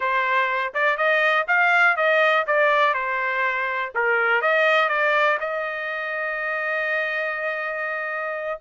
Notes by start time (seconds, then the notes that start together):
0.00 C5
0.74 D5
0.97 D#5
1.47 F5
1.96 D#5
2.46 D5
2.94 C5
3.95 A#4
4.42 D#5
4.88 D5
5.40 D#5